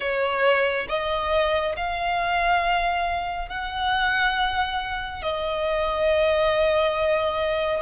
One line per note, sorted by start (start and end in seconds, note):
0.00 0.87 C#5
0.88 1.75 D#5
1.76 3.48 F5
3.48 5.22 F#5
5.22 7.81 D#5